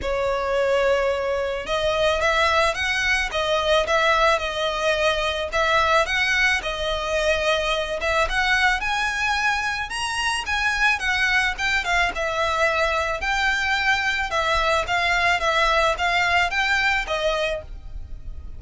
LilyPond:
\new Staff \with { instrumentName = "violin" } { \time 4/4 \tempo 4 = 109 cis''2. dis''4 | e''4 fis''4 dis''4 e''4 | dis''2 e''4 fis''4 | dis''2~ dis''8 e''8 fis''4 |
gis''2 ais''4 gis''4 | fis''4 g''8 f''8 e''2 | g''2 e''4 f''4 | e''4 f''4 g''4 dis''4 | }